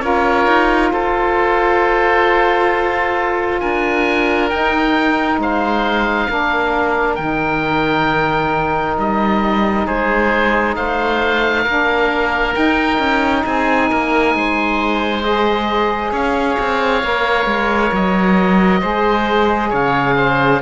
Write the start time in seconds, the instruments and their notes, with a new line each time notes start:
0.00 cello C#4, saxophone F4, oboe A#4 C#5
0.47 cello D#4
0.92 cello F4, oboe A4 C5
3.60 cello D4, oboe A#4 G#5
4.50 cello D#4, saxophone D#4, oboe G5
5.38 cello G#3, oboe C5 F5
6.29 cello A#3, saxophone D4, oboe A#4
7.15 cello D#3, saxophone D#4, oboe G5
8.98 cello G3, oboe D#5
9.85 cello G#3, oboe G#4 C5
10.76 cello A3, oboe C5 F5
11.64 cello A#3, saxophone D4, oboe A#4
12.54 saxophone D#4, cello D#4, oboe G5
12.99 cello C#4
13.46 cello C4, oboe G#4 G#5
13.90 cello A#3, oboe A#4
14.35 cello G#3, oboe C5
15.23 saxophone G#4, oboe D#5
16.12 cello C#4, oboe C#5 F5
16.59 cello C4
17.04 cello A#3, saxophone A#4
17.46 cello G#3
17.93 cello F#3, oboe D#5
18.81 cello G#3, saxophone G#4, oboe C5
19.70 cello C#3, oboe C#5 F5
20.17 oboe C5